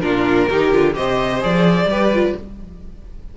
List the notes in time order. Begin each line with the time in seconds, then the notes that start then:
0.00 A#2 D4 F4 A#4
0.49 D#3 D#4 G4
0.72 D3 F4
0.93 C3 G4 C5 D#5
1.40 F3 G#4 D5
1.85 G3 G4 B4
2.13 F4